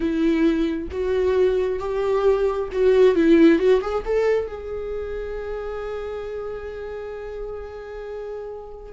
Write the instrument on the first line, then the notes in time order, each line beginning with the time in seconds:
viola
0.00 E4
0.91 F#4
1.79 G4
2.72 F#4
3.15 E4
3.58 F#4
3.81 G#4
4.05 A4
4.47 G#4